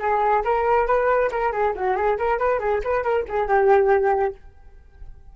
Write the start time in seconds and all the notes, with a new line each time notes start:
0.00 G#4
0.45 A#4
0.87 B4
1.32 A#4
1.53 G#4
1.76 F#4
1.97 G#4
2.19 A#4
2.39 B4
2.60 G#4
2.84 B4
3.04 A#4
3.29 G#4
3.48 G4